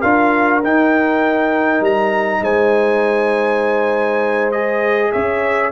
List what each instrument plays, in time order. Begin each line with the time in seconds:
0.00 tuba D4, trombone F4, horn A#4, trumpet F5
0.63 tuba D#4, trombone D#4, trumpet G5
1.80 tuba G3, trumpet A#5
2.41 tuba G#3, horn C5, trumpet G#5
4.52 trombone G#4, trumpet D#5
5.12 tuba C#4, horn C#5, trumpet E5